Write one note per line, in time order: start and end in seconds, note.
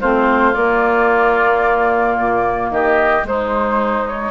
0.00 0.56 A3
0.00 0.53 C4
0.00 2.70 F4
0.00 0.53 C5
0.53 3.24 A#3
0.53 2.17 A#3
0.53 2.69 D5
2.17 2.70 A#2
2.70 3.23 D#3
2.70 3.27 G4
2.70 3.25 D#5
3.23 4.31 G#3
3.23 4.31 D#4
3.23 4.07 C5
4.07 4.31 C#5